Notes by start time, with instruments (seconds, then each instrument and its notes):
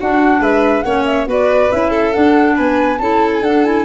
0.00 clarinet D4, tuba D4, violin F#4, flute F#5
0.40 tuba G#3, violin B4, flute E5
0.82 tuba A#3, clarinet C#4, violin C#5, flute F#5
1.05 flute E5
1.26 tuba B3, clarinet F#4, violin B4, flute D5
1.71 tuba C#4, clarinet E4, flute E5
1.90 violin A4
2.13 clarinet D4, tuba D4, flute F#5
2.56 tuba B3, violin B4, flute G#5
2.98 tuba C#4, clarinet E4, violin A4, flute A5
3.33 flute G#5
3.42 tuba D4, clarinet D4, flute F#5
3.65 clarinet E4, flute G#5